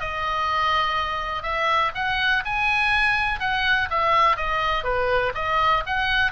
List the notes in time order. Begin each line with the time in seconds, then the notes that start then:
0.00 D#5
1.42 E5
1.95 F#5
2.45 G#5
3.40 F#5
3.90 E5
4.37 D#5
4.84 B4
5.34 D#5
5.86 F#5